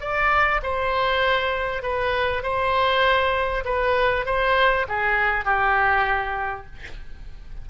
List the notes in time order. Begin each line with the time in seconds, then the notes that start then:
0.00 D5
0.63 C5
1.82 B4
2.43 C5
3.64 B4
4.25 C5
4.88 G#4
5.44 G4